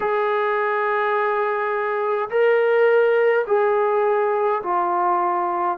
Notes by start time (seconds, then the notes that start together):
0.00 G#4
2.29 A#4
3.46 G#4
4.63 F4